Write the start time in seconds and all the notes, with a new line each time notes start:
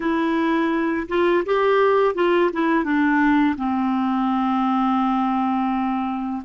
0.00 E4
1.08 F4
1.45 G4
2.15 F4
2.52 E4
2.84 D4
3.57 C4